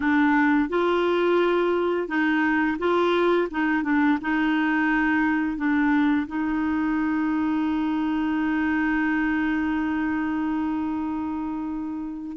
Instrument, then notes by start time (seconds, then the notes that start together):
clarinet
0.00 D4
0.69 F4
2.07 D#4
2.78 F4
3.50 D#4
3.83 D4
4.21 D#4
5.57 D4
6.27 D#4